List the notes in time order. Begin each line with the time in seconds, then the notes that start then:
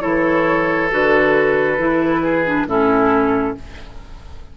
0.00 E3 E4 A4 C#5
0.91 D3 F#4 B4
1.78 E3 E4
2.23 G#4
2.45 D4
2.66 A2 C#4 E4 A4